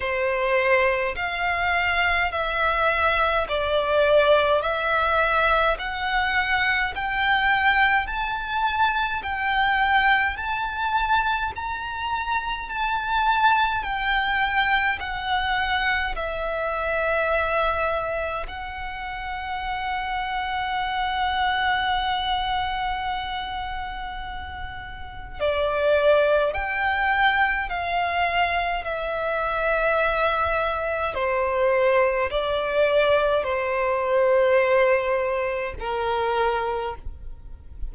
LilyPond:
\new Staff \with { instrumentName = "violin" } { \time 4/4 \tempo 4 = 52 c''4 f''4 e''4 d''4 | e''4 fis''4 g''4 a''4 | g''4 a''4 ais''4 a''4 | g''4 fis''4 e''2 |
fis''1~ | fis''2 d''4 g''4 | f''4 e''2 c''4 | d''4 c''2 ais'4 | }